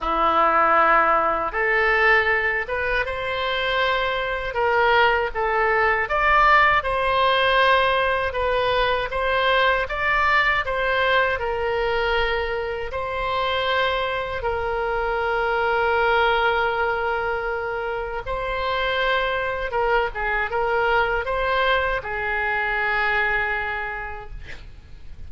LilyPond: \new Staff \with { instrumentName = "oboe" } { \time 4/4 \tempo 4 = 79 e'2 a'4. b'8 | c''2 ais'4 a'4 | d''4 c''2 b'4 | c''4 d''4 c''4 ais'4~ |
ais'4 c''2 ais'4~ | ais'1 | c''2 ais'8 gis'8 ais'4 | c''4 gis'2. | }